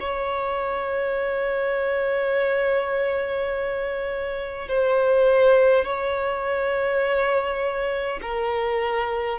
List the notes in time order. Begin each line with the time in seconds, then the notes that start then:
0.00 C#5
4.68 C5
5.84 C#5
8.22 A#4